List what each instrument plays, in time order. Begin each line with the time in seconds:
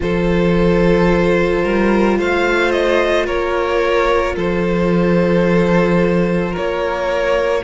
0.00 cello F3, viola F4, violin A4 C5
1.63 cello G3, violin A#4
2.17 cello A3, violin C5 F5
2.71 violin D#5
3.26 cello A#3, violin A#4 C#5
4.35 cello F3, violin A4 C5
6.51 violin A#4 C#5
6.57 cello A#3